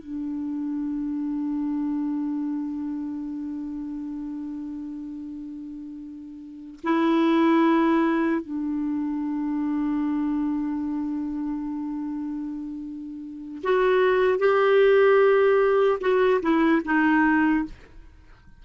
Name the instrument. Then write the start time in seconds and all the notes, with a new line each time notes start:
clarinet
0.00 D4
6.84 E4
8.42 D4
13.64 F#4
14.39 G4
16.01 F#4
16.43 E4
16.85 D#4